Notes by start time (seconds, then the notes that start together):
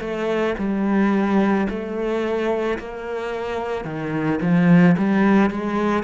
0.00 A3
0.59 G3
1.69 A3
2.79 A#3
3.85 D#3
4.41 F3
4.98 G3
5.50 G#3